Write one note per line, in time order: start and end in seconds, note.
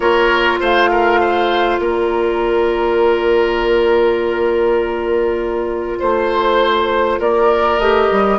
0.00 0.58 A#3
0.00 7.79 F4
0.00 0.60 A#4
0.00 0.60 C#5
0.60 1.79 A3
0.60 0.90 C5
0.60 1.80 F5
0.90 1.20 A#4
1.20 1.80 C5
1.79 5.99 A#3
1.79 5.99 A#4
1.79 6.00 D5
5.99 7.19 A3
5.99 7.19 C5
5.99 7.20 C5
7.19 7.78 A#3
7.19 8.38 A#4
7.19 7.79 D5
7.78 8.08 A3
7.78 8.38 G4
7.78 8.38 D#5
8.11 8.38 G3